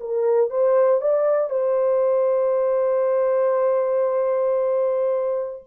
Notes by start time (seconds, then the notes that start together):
0.00 A#4
0.50 C5
1.01 D5
1.50 C5